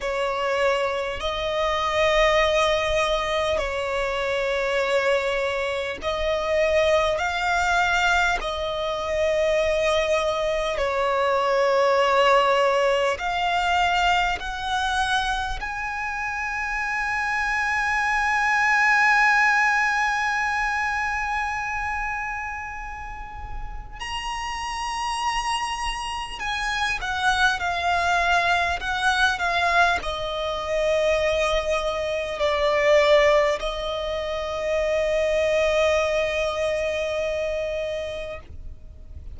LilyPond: \new Staff \with { instrumentName = "violin" } { \time 4/4 \tempo 4 = 50 cis''4 dis''2 cis''4~ | cis''4 dis''4 f''4 dis''4~ | dis''4 cis''2 f''4 | fis''4 gis''2.~ |
gis''1 | ais''2 gis''8 fis''8 f''4 | fis''8 f''8 dis''2 d''4 | dis''1 | }